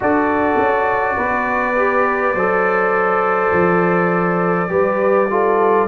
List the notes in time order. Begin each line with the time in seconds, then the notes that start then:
0.00 D4 F#4 A4 D5
0.57 C#4
1.16 B3 B4
1.76 G4
2.34 F#3 A4 C5
3.52 F3
4.68 G3 G4 B4
5.30 F4 A4